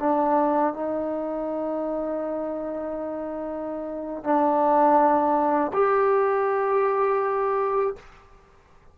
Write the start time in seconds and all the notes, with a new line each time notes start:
0.00 D4
0.74 D#4
4.24 D4
5.73 G4